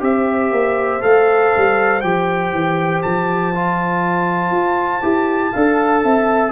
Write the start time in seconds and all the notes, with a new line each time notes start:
0.00 C4 G4 C5 E5
0.52 A#3
1.00 A3 A4 F5
1.57 G3
2.01 F3 G4 G5
2.52 E3
3.02 F3 A5
3.55 F4
4.51 F4
5.02 E4 G4
5.51 D4 A4 F5
6.04 C4 E5